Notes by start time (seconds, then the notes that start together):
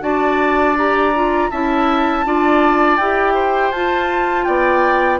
0.00 D4 F#4 D5 A5
0.76 G4 A#5
1.14 F4
1.50 C#4 E4 E5 A5
2.24 D4 F4 D5
2.97 E4 G4 G5
3.34 C5
3.71 F4 A5
4.44 B3 D5 G5